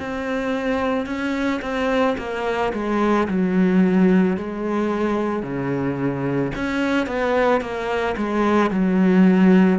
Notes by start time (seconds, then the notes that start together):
0.00 C4
1.07 C#4
1.62 C4
2.18 A#3
2.73 G#3
3.28 F#3
4.37 G#3
5.43 C#3
6.55 C#4
7.07 B3
7.61 A#3
8.17 G#3
8.71 F#3